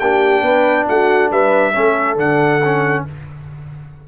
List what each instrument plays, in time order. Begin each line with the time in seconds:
0.00 tuba A#3, trombone D4, horn G4, trumpet G5
0.42 tuba B3, horn B4
0.88 tuba A3, horn F#4, trumpet F#5
1.31 tuba G3, horn B4, trumpet E5
1.74 tuba A3, trombone C#4, horn A4
2.16 tuba D3, trombone D4, trumpet F#5
2.65 trombone C#4